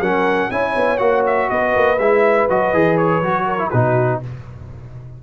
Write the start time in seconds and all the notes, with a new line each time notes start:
0.00 F#3 C#4 A#4 F#5
0.51 C#4 E4 C#5 G#5
0.76 B3
0.98 A#3 F#4 F#5
1.26 E5
1.50 B3 B4 D#5
1.76 A#3
1.98 G#3 E4 E5
2.49 F#3 F#4 D#5
2.73 E3 G#4
2.97 C#5
3.22 F#3 F#4
3.45 A#4
3.58 E4
3.70 B2 D#4 F#4 B4